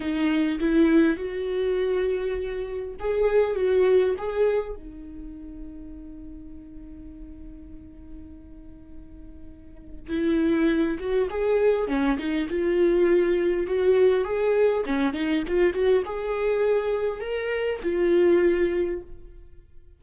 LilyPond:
\new Staff \with { instrumentName = "viola" } { \time 4/4 \tempo 4 = 101 dis'4 e'4 fis'2~ | fis'4 gis'4 fis'4 gis'4 | dis'1~ | dis'1~ |
dis'4 e'4. fis'8 gis'4 | cis'8 dis'8 f'2 fis'4 | gis'4 cis'8 dis'8 f'8 fis'8 gis'4~ | gis'4 ais'4 f'2 | }